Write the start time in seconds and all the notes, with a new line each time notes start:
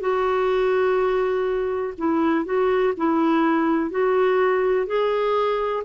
0.00 F#4
1.97 E4
2.45 F#4
2.97 E4
3.90 F#4
4.86 G#4